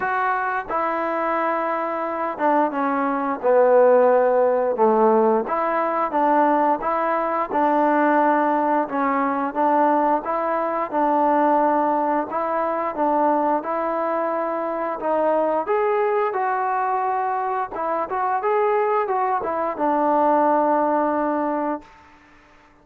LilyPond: \new Staff \with { instrumentName = "trombone" } { \time 4/4 \tempo 4 = 88 fis'4 e'2~ e'8 d'8 | cis'4 b2 a4 | e'4 d'4 e'4 d'4~ | d'4 cis'4 d'4 e'4 |
d'2 e'4 d'4 | e'2 dis'4 gis'4 | fis'2 e'8 fis'8 gis'4 | fis'8 e'8 d'2. | }